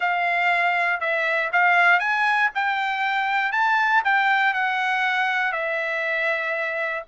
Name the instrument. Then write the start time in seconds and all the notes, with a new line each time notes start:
trumpet
0.00 F5
1.00 E5
1.52 F5
1.99 G#5
2.54 G5
3.52 A5
4.04 G5
4.53 F#5
5.52 E5